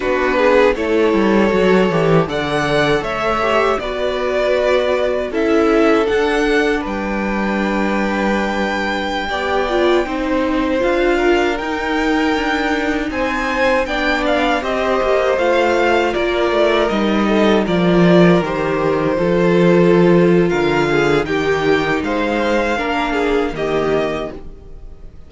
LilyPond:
<<
  \new Staff \with { instrumentName = "violin" } { \time 4/4 \tempo 4 = 79 b'4 cis''2 fis''4 | e''4 d''2 e''4 | fis''4 g''2.~ | g''2~ g''16 f''4 g''8.~ |
g''4~ g''16 gis''4 g''8 f''8 dis''8.~ | dis''16 f''4 d''4 dis''4 d''8.~ | d''16 c''2~ c''8. f''4 | g''4 f''2 dis''4 | }
  \new Staff \with { instrumentName = "violin" } { \time 4/4 fis'8 gis'8 a'2 d''4 | cis''4 b'2 a'4~ | a'4 b'2.~ | b'16 d''4 c''4. ais'4~ ais'16~ |
ais'4~ ais'16 c''4 d''4 c''8.~ | c''4~ c''16 ais'4. a'8 ais'8.~ | ais'4~ ais'16 a'4.~ a'16 ais'8 gis'8 | g'4 c''4 ais'8 gis'8 g'4 | }
  \new Staff \with { instrumentName = "viola" } { \time 4/4 d'4 e'4 fis'8 g'8 a'4~ | a'8 g'8 fis'2 e'4 | d'1~ | d'16 g'8 f'8 dis'4 f'4 dis'8.~ |
dis'2~ dis'16 d'4 g'8.~ | g'16 f'2 dis'4 f'8.~ | f'16 g'4 f'2~ f'8. | dis'2 d'4 ais4 | }
  \new Staff \with { instrumentName = "cello" } { \time 4/4 b4 a8 g8 fis8 e8 d4 | a4 b2 cis'4 | d'4 g2.~ | g16 b4 c'4 d'4 dis'8.~ |
dis'16 d'4 c'4 b4 c'8 ais16~ | ais16 a4 ais8 a8 g4 f8.~ | f16 dis4 f4.~ f16 d4 | dis4 gis4 ais4 dis4 | }
>>